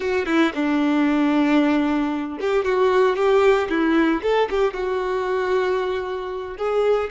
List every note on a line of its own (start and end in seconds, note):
0.00 0.25 F#4
0.25 0.52 E4
0.54 2.38 D4
2.40 2.64 G4
2.64 3.16 F#4
3.16 3.68 G4
3.69 4.21 E4
4.22 4.48 A4
4.50 4.73 G4
4.73 6.57 F#4
6.57 7.10 G#4